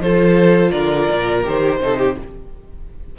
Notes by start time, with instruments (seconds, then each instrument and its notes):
0.00 cello F3, viola F4, violin A4 C5
0.71 cello D3, violin A#4 D5
1.12 cello A#2
1.44 cello D#3, viola G4, violin C5
1.81 cello C3, viola D#4, violin A4
1.98 violin G4